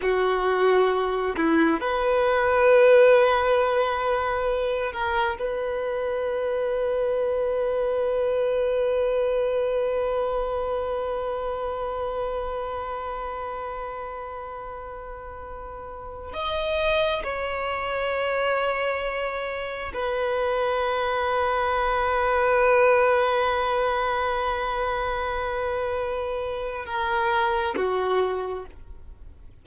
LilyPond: \new Staff \with { instrumentName = "violin" } { \time 4/4 \tempo 4 = 67 fis'4. e'8 b'2~ | b'4. ais'8 b'2~ | b'1~ | b'1~ |
b'2~ b'16 dis''4 cis''8.~ | cis''2~ cis''16 b'4.~ b'16~ | b'1~ | b'2 ais'4 fis'4 | }